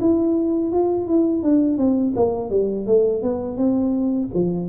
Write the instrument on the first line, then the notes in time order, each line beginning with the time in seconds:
tuba
0.00 E4
0.71 F4
1.07 E4
1.43 D4
1.77 C4
2.16 A#3
2.50 G3
2.86 A3
3.22 B3
3.57 C4
4.33 F3